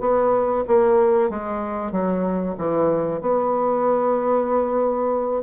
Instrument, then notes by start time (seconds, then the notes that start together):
bassoon
0.00 B3
0.67 A#3
1.29 G#3
1.91 F#3
2.57 E3
3.21 B3